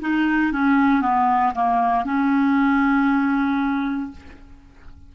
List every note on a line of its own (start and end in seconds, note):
0.00 0.52 D#4
0.52 1.01 C#4
1.01 1.53 B3
1.54 2.04 A#3
2.04 4.11 C#4